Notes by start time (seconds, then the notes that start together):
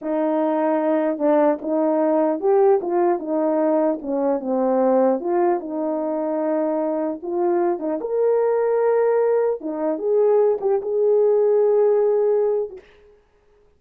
0.01 D#4
1.18 D4
1.61 D#4
2.40 G4
2.81 F4
3.19 D#4
4.01 C#4
4.39 C4
5.20 F4
5.60 D#4
7.22 F4
7.79 D#4
8.01 A#4
9.61 D#4
9.98 G#4
10.60 G4
10.81 G#4
12.69 F#4